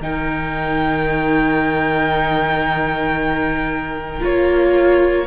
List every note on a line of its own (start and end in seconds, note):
0.00 4.21 D#3
0.00 4.19 D#4
0.00 5.27 A#4
0.00 4.23 G5
4.19 5.27 A#3
4.19 5.24 F4
4.19 5.27 C#5